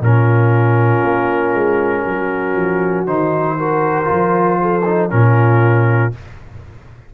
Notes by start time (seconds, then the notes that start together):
0.00 A#2 C#4 F4 A#4
1.03 A#3
1.54 G#3
2.06 F#3 F#4
2.56 F3
3.07 D#3 D#4 C5
3.57 F#4 A#4
4.04 F4
4.11 F3
4.61 A4
4.85 D#4
5.10 A#2 C#4 F4 A#4